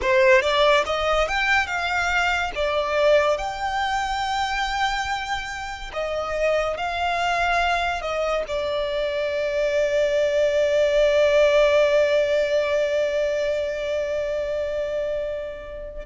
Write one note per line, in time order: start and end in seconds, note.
0.01 0.41 C5
0.41 0.84 D5
0.86 1.28 D#5
1.28 1.66 G5
1.66 2.51 F5
2.55 3.37 D5
3.37 5.91 G5
5.93 6.77 D#5
6.77 8.01 F5
8.01 8.43 D#5
8.47 16.06 D5